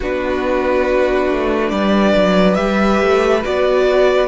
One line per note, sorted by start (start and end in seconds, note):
0.00 1.30 B3
0.00 2.56 D4
0.00 1.70 F#4
0.00 1.69 B4
1.31 1.72 A3
1.69 2.14 G3
1.69 4.27 B4
1.69 2.54 D5
2.15 2.58 F#3
2.54 3.01 G3
2.54 3.41 G4
2.54 3.40 E5
3.02 3.44 A3
3.42 4.27 B3
3.42 4.27 F#4
3.42 4.27 D5